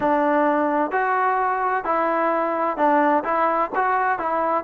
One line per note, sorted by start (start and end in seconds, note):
0.00 0.91 D4
0.91 1.84 F#4
1.84 2.77 E4
2.77 3.23 D4
3.23 3.70 E4
3.75 4.18 F#4
4.18 4.64 E4